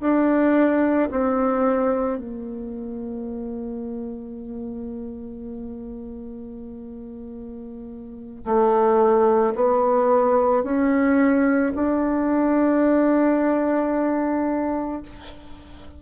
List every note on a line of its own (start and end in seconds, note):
0.00 1.09 D4
1.10 2.17 C4
2.17 8.44 A#3
8.45 9.54 A3
9.55 10.63 B3
10.63 11.72 C#4
11.75 15.02 D4